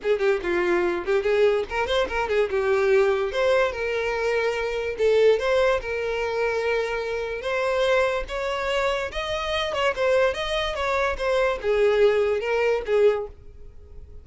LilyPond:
\new Staff \with { instrumentName = "violin" } { \time 4/4 \tempo 4 = 145 gis'8 g'8 f'4. g'8 gis'4 | ais'8 c''8 ais'8 gis'8 g'2 | c''4 ais'2. | a'4 c''4 ais'2~ |
ais'2 c''2 | cis''2 dis''4. cis''8 | c''4 dis''4 cis''4 c''4 | gis'2 ais'4 gis'4 | }